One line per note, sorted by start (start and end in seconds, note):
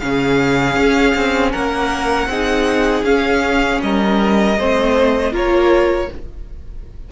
0.00 0.77 C#3
0.00 2.30 C#4
0.00 1.52 G#4
0.00 1.52 F5
0.77 1.15 C#4
1.15 1.53 C4
1.52 2.27 A#3
1.52 2.28 A#4
1.52 3.04 F#5
2.27 3.03 C4
2.27 3.06 D#4
2.27 3.82 G#4
3.03 3.79 C#4
3.03 4.57 C#4
3.03 3.81 F5
3.82 4.58 G3
3.82 4.59 A#4
3.82 5.34 D#5
4.58 5.33 A3
4.58 5.32 C4
4.58 5.33 C5
5.32 6.09 A#3
5.32 6.08 F4
5.32 6.09 A#4
5.32 6.12 C#5